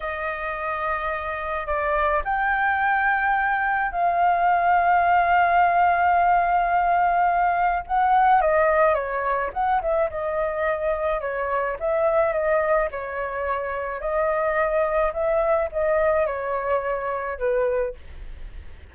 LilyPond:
\new Staff \with { instrumentName = "flute" } { \time 4/4 \tempo 4 = 107 dis''2. d''4 | g''2. f''4~ | f''1~ | f''2 fis''4 dis''4 |
cis''4 fis''8 e''8 dis''2 | cis''4 e''4 dis''4 cis''4~ | cis''4 dis''2 e''4 | dis''4 cis''2 b'4 | }